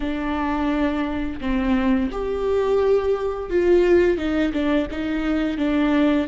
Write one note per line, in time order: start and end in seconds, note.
0.00 1.40 D4
1.40 2.10 C4
2.11 3.49 G4
3.49 4.17 F4
4.17 4.52 D#4
4.52 4.87 D4
4.90 5.57 D#4
5.57 6.27 D4